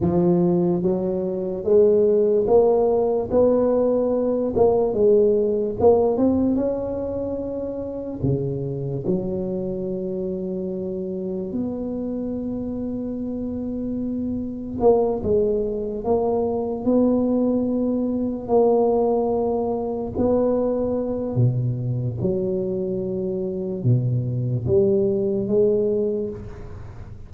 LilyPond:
\new Staff \with { instrumentName = "tuba" } { \time 4/4 \tempo 4 = 73 f4 fis4 gis4 ais4 | b4. ais8 gis4 ais8 c'8 | cis'2 cis4 fis4~ | fis2 b2~ |
b2 ais8 gis4 ais8~ | ais8 b2 ais4.~ | ais8 b4. b,4 fis4~ | fis4 b,4 g4 gis4 | }